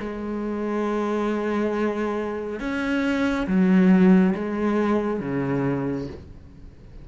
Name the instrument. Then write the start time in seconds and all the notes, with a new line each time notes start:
cello
0.00 G#3
2.60 C#4
3.47 F#3
4.35 G#3
5.21 C#3